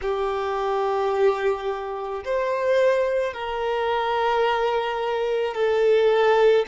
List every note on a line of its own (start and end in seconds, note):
0.01 2.23 G4
2.24 3.33 C5
3.33 5.54 A#4
5.54 6.65 A4